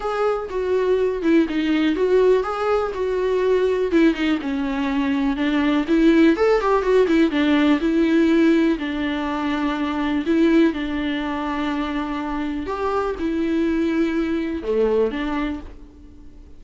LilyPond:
\new Staff \with { instrumentName = "viola" } { \time 4/4 \tempo 4 = 123 gis'4 fis'4. e'8 dis'4 | fis'4 gis'4 fis'2 | e'8 dis'8 cis'2 d'4 | e'4 a'8 g'8 fis'8 e'8 d'4 |
e'2 d'2~ | d'4 e'4 d'2~ | d'2 g'4 e'4~ | e'2 a4 d'4 | }